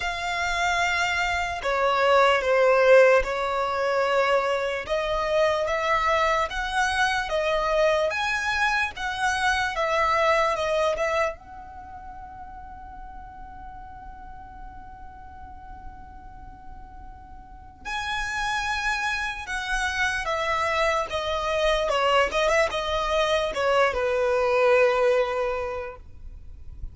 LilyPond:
\new Staff \with { instrumentName = "violin" } { \time 4/4 \tempo 4 = 74 f''2 cis''4 c''4 | cis''2 dis''4 e''4 | fis''4 dis''4 gis''4 fis''4 | e''4 dis''8 e''8 fis''2~ |
fis''1~ | fis''2 gis''2 | fis''4 e''4 dis''4 cis''8 dis''16 e''16 | dis''4 cis''8 b'2~ b'8 | }